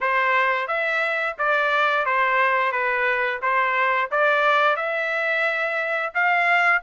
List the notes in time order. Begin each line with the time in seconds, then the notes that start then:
0.00 C5
0.67 E5
1.38 D5
2.05 C5
2.71 B4
3.42 C5
4.11 D5
4.76 E5
6.14 F5